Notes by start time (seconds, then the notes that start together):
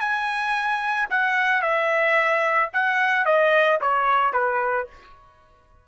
0.00 G#5
1.10 F#5
1.62 E5
2.73 F#5
3.25 D#5
3.81 C#5
4.33 B4